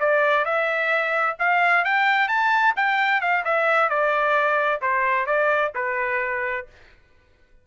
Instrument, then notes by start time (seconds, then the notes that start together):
trumpet
0.00 D5
0.45 E5
1.39 F5
1.85 G5
2.28 A5
2.77 G5
3.21 F5
3.45 E5
3.90 D5
4.82 C5
5.26 D5
5.75 B4